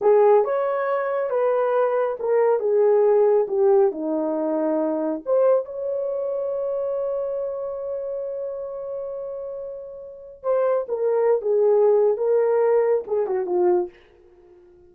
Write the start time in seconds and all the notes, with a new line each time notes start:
0.01 G#4
0.44 C#5
1.29 B4
2.19 A#4
2.59 G#4
3.48 G4
3.91 D#4
5.25 C5
5.65 C#5
10.42 C5
10.88 A#4
11.41 G#4
12.17 A#4
13.07 G#4
13.26 F#4
13.46 F4